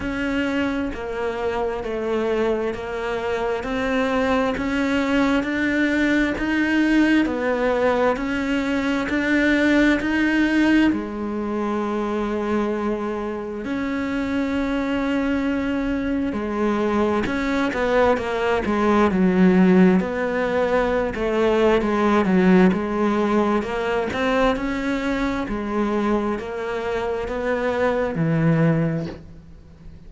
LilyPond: \new Staff \with { instrumentName = "cello" } { \time 4/4 \tempo 4 = 66 cis'4 ais4 a4 ais4 | c'4 cis'4 d'4 dis'4 | b4 cis'4 d'4 dis'4 | gis2. cis'4~ |
cis'2 gis4 cis'8 b8 | ais8 gis8 fis4 b4~ b16 a8. | gis8 fis8 gis4 ais8 c'8 cis'4 | gis4 ais4 b4 e4 | }